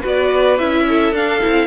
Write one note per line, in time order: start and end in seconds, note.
0.00 0.60 B3
0.00 0.58 F#4
0.00 0.83 B4
0.06 0.58 D5
0.58 1.11 C#4
0.58 1.13 E4
0.58 1.14 E5
0.88 1.67 A4
1.11 1.39 D4
1.11 1.41 D4
1.11 1.67 F5
1.41 1.67 C4
1.41 1.67 E4